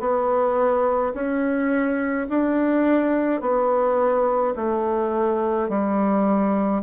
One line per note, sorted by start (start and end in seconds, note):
0.00 1.13 B3
1.14 2.27 C#4
2.30 3.41 D4
3.41 4.54 B3
4.56 5.69 A3
5.69 6.82 G3